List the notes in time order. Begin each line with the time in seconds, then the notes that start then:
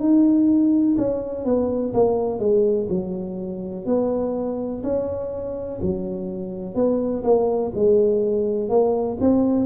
0.00 D#4
0.98 C#4
1.45 B3
1.94 A#3
2.40 G#3
2.89 F#3
3.86 B3
4.83 C#4
5.82 F#3
6.75 B3
7.24 A#3
7.76 G#3
8.70 A#3
9.21 C4